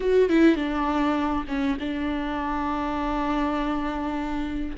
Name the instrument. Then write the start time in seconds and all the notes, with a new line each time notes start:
viola
0.00 F#4
0.29 E4
0.55 D4
1.47 C#4
1.79 D4